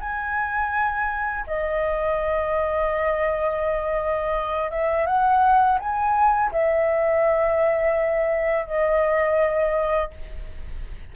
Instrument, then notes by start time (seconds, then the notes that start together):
flute
0.00 G#5
1.47 D#5
4.70 E5
5.06 F#5
5.79 G#5
6.52 E5
8.66 D#5